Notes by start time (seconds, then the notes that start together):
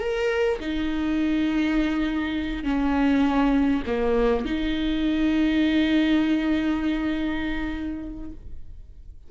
0.00 A#4
0.60 D#4
2.64 C#4
3.87 A#3
4.45 D#4